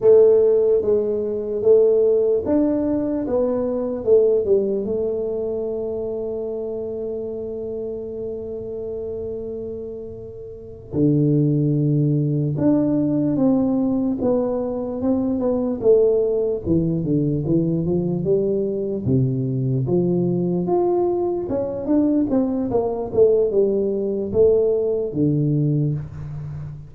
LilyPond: \new Staff \with { instrumentName = "tuba" } { \time 4/4 \tempo 4 = 74 a4 gis4 a4 d'4 | b4 a8 g8 a2~ | a1~ | a4. d2 d'8~ |
d'8 c'4 b4 c'8 b8 a8~ | a8 e8 d8 e8 f8 g4 c8~ | c8 f4 f'4 cis'8 d'8 c'8 | ais8 a8 g4 a4 d4 | }